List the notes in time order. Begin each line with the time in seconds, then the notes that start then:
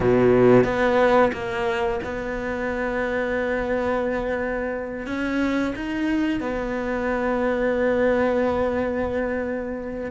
0.00 B2
0.64 B3
1.32 A#3
2.03 B3
5.06 C#4
5.75 D#4
6.40 B3